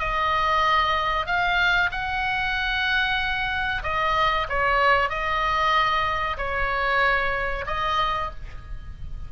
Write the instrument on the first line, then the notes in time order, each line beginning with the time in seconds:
oboe
0.00 D#5
1.27 F5
1.92 F#5
3.84 D#5
4.49 C#5
5.10 D#5
6.38 C#5
7.67 D#5